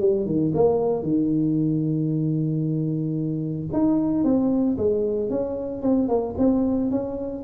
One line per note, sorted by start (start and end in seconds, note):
0.00 0.26 G3
0.26 0.53 D#3
0.55 1.03 A#3
1.03 3.68 D#3
3.73 4.24 D#4
4.24 4.77 C4
4.78 5.30 G#3
5.30 5.82 C#4
5.82 6.08 C4
6.08 6.35 A#3
6.38 6.91 C4
6.91 7.44 C#4